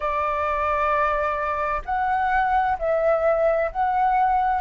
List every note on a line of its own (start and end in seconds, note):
0.00 1.82 D5
1.85 2.77 F#5
2.79 3.71 E5
3.71 4.61 F#5